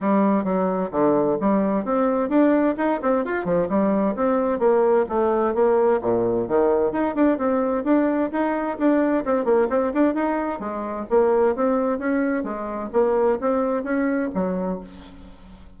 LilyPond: \new Staff \with { instrumentName = "bassoon" } { \time 4/4 \tempo 4 = 130 g4 fis4 d4 g4 | c'4 d'4 dis'8 c'8 f'8 f8 | g4 c'4 ais4 a4 | ais4 ais,4 dis4 dis'8 d'8 |
c'4 d'4 dis'4 d'4 | c'8 ais8 c'8 d'8 dis'4 gis4 | ais4 c'4 cis'4 gis4 | ais4 c'4 cis'4 fis4 | }